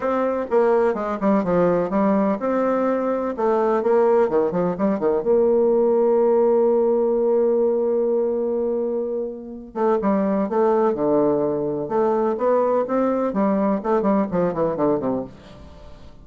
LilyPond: \new Staff \with { instrumentName = "bassoon" } { \time 4/4 \tempo 4 = 126 c'4 ais4 gis8 g8 f4 | g4 c'2 a4 | ais4 dis8 f8 g8 dis8 ais4~ | ais1~ |
ais1~ | ais8 a8 g4 a4 d4~ | d4 a4 b4 c'4 | g4 a8 g8 f8 e8 d8 c8 | }